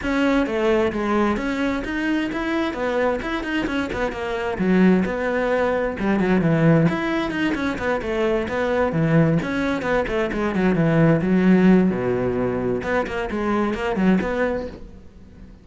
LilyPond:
\new Staff \with { instrumentName = "cello" } { \time 4/4 \tempo 4 = 131 cis'4 a4 gis4 cis'4 | dis'4 e'4 b4 e'8 dis'8 | cis'8 b8 ais4 fis4 b4~ | b4 g8 fis8 e4 e'4 |
dis'8 cis'8 b8 a4 b4 e8~ | e8 cis'4 b8 a8 gis8 fis8 e8~ | e8 fis4. b,2 | b8 ais8 gis4 ais8 fis8 b4 | }